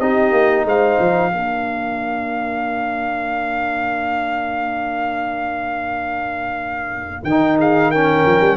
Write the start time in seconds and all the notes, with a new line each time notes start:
0.00 C4 D#4 G4 D#5
0.32 A#3
0.65 G#3 C5 F5
1.00 F3
1.31 A#3 D4 A#4
7.24 D#3 D#4 G5
7.58 G#4 F5
7.91 C#4 A#4 G5
8.26 F3
8.41 G3